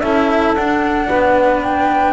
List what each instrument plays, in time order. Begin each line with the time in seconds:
0.00 double bass C#4, cello E4, saxophone A4, flute E5
0.55 double bass D4, cello D4, flute F#5
1.07 double bass B3, saxophone B4
1.62 flute G5